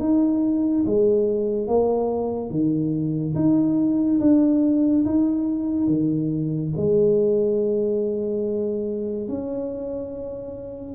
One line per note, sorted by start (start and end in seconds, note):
0.00 0.85 D#4
0.86 1.68 G#3
1.68 2.51 A#3
2.51 3.35 D#3
3.36 4.20 D#4
4.21 5.06 D4
5.06 5.88 D#4
5.88 6.72 D#3
6.77 9.29 G#3
9.29 10.95 C#4